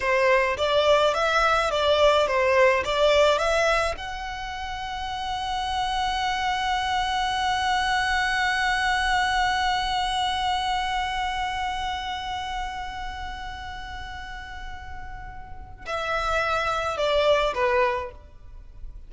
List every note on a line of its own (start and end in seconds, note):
0.00 0.56 C5
0.57 1.13 D5
1.14 1.70 E5
1.71 2.27 D5
2.27 2.83 C5
2.84 3.38 D5
3.38 3.94 E5
3.97 15.85 F#5
15.85 16.97 E5
16.97 17.53 D5
17.54 18.11 B4